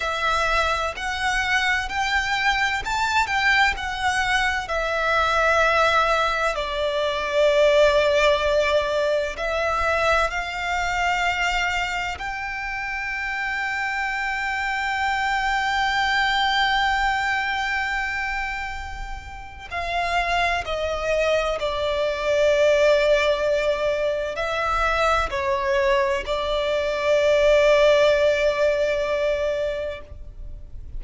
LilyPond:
\new Staff \with { instrumentName = "violin" } { \time 4/4 \tempo 4 = 64 e''4 fis''4 g''4 a''8 g''8 | fis''4 e''2 d''4~ | d''2 e''4 f''4~ | f''4 g''2.~ |
g''1~ | g''4 f''4 dis''4 d''4~ | d''2 e''4 cis''4 | d''1 | }